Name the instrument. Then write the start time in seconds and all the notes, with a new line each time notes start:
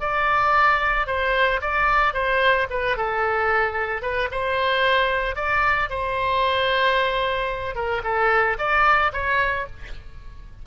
oboe
0.00 D5
1.07 C5
1.61 D5
2.14 C5
2.70 B4
2.97 A4
4.02 B4
4.31 C5
5.36 D5
5.90 C5
7.75 A#4
8.04 A4
8.58 D5
9.13 C#5